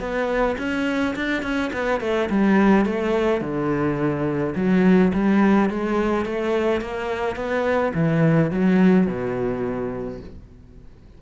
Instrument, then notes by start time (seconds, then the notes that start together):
cello
0.00 B3
0.58 C#4
1.16 D4
1.43 C#4
1.73 B3
2.01 A3
2.30 G3
2.85 A3
3.41 D3
4.56 F#3
5.14 G3
5.70 G#3
6.26 A3
6.81 A#3
7.36 B3
7.95 E3
8.51 F#3
9.07 B2